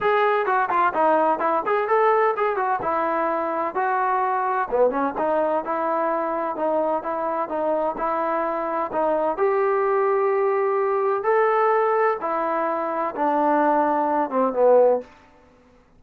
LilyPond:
\new Staff \with { instrumentName = "trombone" } { \time 4/4 \tempo 4 = 128 gis'4 fis'8 f'8 dis'4 e'8 gis'8 | a'4 gis'8 fis'8 e'2 | fis'2 b8 cis'8 dis'4 | e'2 dis'4 e'4 |
dis'4 e'2 dis'4 | g'1 | a'2 e'2 | d'2~ d'8 c'8 b4 | }